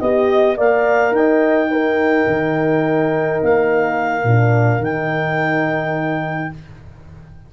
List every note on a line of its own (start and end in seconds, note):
0.00 0.58 B3
0.00 0.57 G4
0.00 0.57 D#5
0.57 1.11 A#3
0.57 1.68 A#4
0.57 1.14 D5
0.57 1.14 F5
1.11 2.24 D#4
1.11 1.71 D#5
1.11 3.41 G5
1.68 4.22 D#4
1.68 6.52 A#4
2.27 3.40 D#3
3.43 4.24 A#3
3.43 4.83 F5
4.24 4.79 A#2
4.24 4.82 D4
4.79 6.49 D#3
4.79 6.52 D#4
4.79 6.53 G5